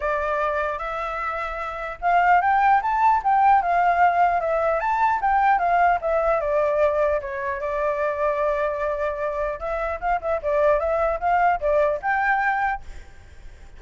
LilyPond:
\new Staff \with { instrumentName = "flute" } { \time 4/4 \tempo 4 = 150 d''2 e''2~ | e''4 f''4 g''4 a''4 | g''4 f''2 e''4 | a''4 g''4 f''4 e''4 |
d''2 cis''4 d''4~ | d''1 | e''4 f''8 e''8 d''4 e''4 | f''4 d''4 g''2 | }